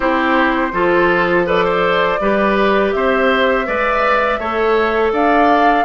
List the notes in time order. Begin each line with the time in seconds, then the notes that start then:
0.00 C4 E4 G4 C5
0.72 F3 F4 A4
1.45 A4 B4 D5
1.64 C5
2.20 G3 G4 B4
2.91 C4 C5 E5
3.66 G#3 B4 D5
4.39 A3 A4 C#5
5.12 D4 D5 F5